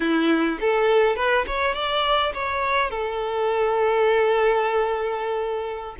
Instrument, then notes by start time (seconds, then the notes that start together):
violin
0.00 E4
0.60 A4
1.16 B4
1.46 C#5
1.74 D5
2.34 C#5
2.90 A4